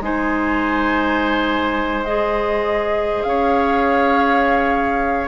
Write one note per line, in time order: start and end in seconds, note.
0.00 3.24 G#3
0.00 2.06 D#4
0.00 3.28 C5
0.00 2.05 G#5
2.05 5.28 G#4
2.05 3.22 D#5
3.22 5.28 C#4
3.22 5.28 C#5
3.22 5.27 F5